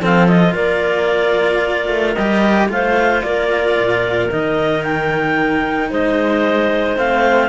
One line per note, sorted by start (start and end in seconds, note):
0.00 0.54 F3
0.00 0.28 C4
0.00 0.53 A4
0.00 0.27 F5
0.27 2.16 F4
0.27 0.54 D#5
0.53 1.88 A#3
0.53 2.67 A#4
0.53 2.14 D5
1.88 2.15 A3
2.14 2.68 G3
2.14 2.68 G4
2.14 2.68 D#5
2.68 3.22 A3
2.68 4.29 F4
2.68 3.26 C5
2.68 3.22 F5
3.22 3.77 A#3
3.22 5.90 A#4
3.22 4.29 D5
3.78 4.31 A#2
4.31 5.90 D#3
4.31 6.96 D#4
4.31 4.83 D#5
4.83 5.90 G5
5.90 6.97 G#3
5.90 7.49 C5
5.90 6.98 D#5
6.96 7.49 A3
6.96 7.49 C4
6.96 7.49 F5